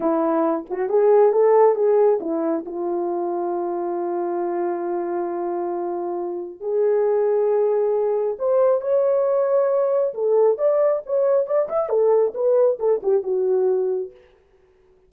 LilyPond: \new Staff \with { instrumentName = "horn" } { \time 4/4 \tempo 4 = 136 e'4. fis'8 gis'4 a'4 | gis'4 e'4 f'2~ | f'1~ | f'2. gis'4~ |
gis'2. c''4 | cis''2. a'4 | d''4 cis''4 d''8 e''8 a'4 | b'4 a'8 g'8 fis'2 | }